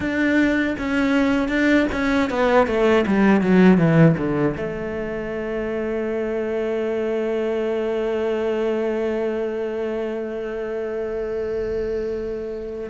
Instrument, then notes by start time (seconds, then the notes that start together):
cello
0.00 D4
0.78 C#4
1.48 D4
1.92 C#4
2.30 B3
2.67 A3
3.06 G3
3.41 F#3
3.77 E3
4.17 D3
4.56 A3